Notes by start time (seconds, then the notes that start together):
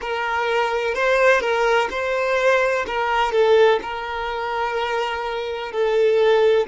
0.01 A#4
0.94 C5
1.40 A#4
1.90 C5
2.87 A#4
3.32 A4
3.82 A#4
5.71 A4